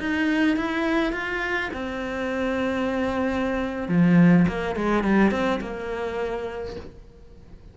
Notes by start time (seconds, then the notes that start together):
0.00 D#4
0.57 E4
1.13 F4
1.74 C4
3.89 F3
4.49 A#3
4.76 G#3
5.04 G3
5.32 C4
5.61 A#3